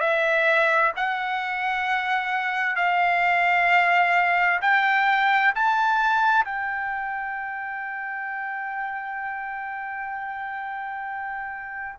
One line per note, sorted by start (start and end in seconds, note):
0.00 0.92 E5
0.97 2.76 F#5
2.76 4.61 F5
4.62 5.54 G5
5.55 6.45 A5
6.45 11.99 G5